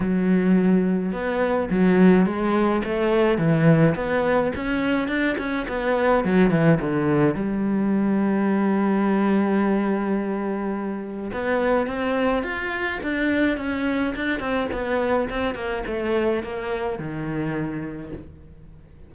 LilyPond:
\new Staff \with { instrumentName = "cello" } { \time 4/4 \tempo 4 = 106 fis2 b4 fis4 | gis4 a4 e4 b4 | cis'4 d'8 cis'8 b4 fis8 e8 | d4 g2.~ |
g1 | b4 c'4 f'4 d'4 | cis'4 d'8 c'8 b4 c'8 ais8 | a4 ais4 dis2 | }